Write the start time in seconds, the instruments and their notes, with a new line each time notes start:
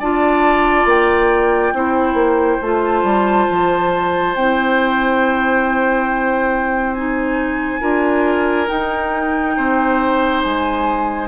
0.00 bassoon D4, clarinet F4, oboe D5, flute A5
0.86 bassoon A#3, flute G5
1.74 bassoon C4, clarinet E4, oboe C5
2.14 bassoon A#3
2.62 bassoon A3, clarinet F4, flute A5
3.04 bassoon G3
3.51 bassoon F3
4.35 bassoon C4, clarinet E4, flute G5
6.94 clarinet D#4, flute G#5
7.81 bassoon D4, clarinet F4, oboe A#4
8.67 clarinet D#4, bassoon D#4, flute G5
9.57 bassoon C4, oboe C5
10.44 bassoon G#3, flute G#5